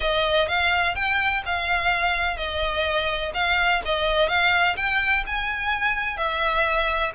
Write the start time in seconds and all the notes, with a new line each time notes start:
0.00 D#5
0.48 F5
0.95 G5
1.45 F5
2.37 D#5
3.33 F5
3.85 D#5
4.28 F5
4.76 G5
5.26 G#5
6.17 E5